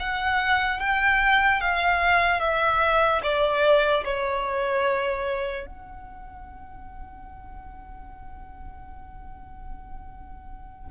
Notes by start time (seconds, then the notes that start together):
0.00 F#5
0.80 G5
1.61 F5
2.41 E5
3.23 D5
4.05 C#5
5.66 F#5